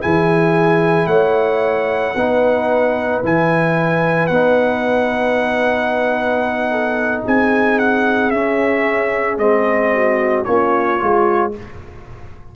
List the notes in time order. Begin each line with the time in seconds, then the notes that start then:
0.00 E3 E4 G#4 G#5
1.06 A3 C#5 F#5
2.15 B3 D#4 B4
3.23 E3 E4 G#5
4.27 B3 D#4 F#5
6.70 A4
7.24 C4 G#4 G#5
7.79 F#5
8.30 C#4 E5
9.37 G#3 C4 D#5
9.93 F#4
10.44 A#3 C#4 F4 C#5
10.97 G#3 F4